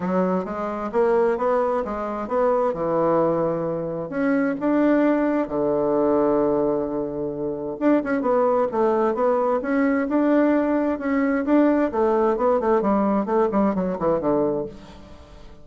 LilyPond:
\new Staff \with { instrumentName = "bassoon" } { \time 4/4 \tempo 4 = 131 fis4 gis4 ais4 b4 | gis4 b4 e2~ | e4 cis'4 d'2 | d1~ |
d4 d'8 cis'8 b4 a4 | b4 cis'4 d'2 | cis'4 d'4 a4 b8 a8 | g4 a8 g8 fis8 e8 d4 | }